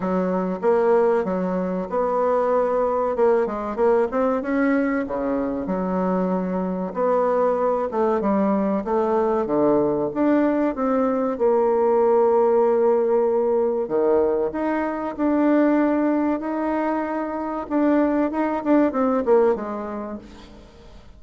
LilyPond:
\new Staff \with { instrumentName = "bassoon" } { \time 4/4 \tempo 4 = 95 fis4 ais4 fis4 b4~ | b4 ais8 gis8 ais8 c'8 cis'4 | cis4 fis2 b4~ | b8 a8 g4 a4 d4 |
d'4 c'4 ais2~ | ais2 dis4 dis'4 | d'2 dis'2 | d'4 dis'8 d'8 c'8 ais8 gis4 | }